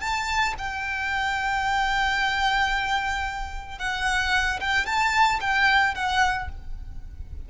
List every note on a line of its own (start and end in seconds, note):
0.00 0.54 A5
0.58 3.79 G5
3.79 4.60 F#5
4.60 4.86 G5
4.86 5.40 A5
5.41 5.95 G5
5.95 6.49 F#5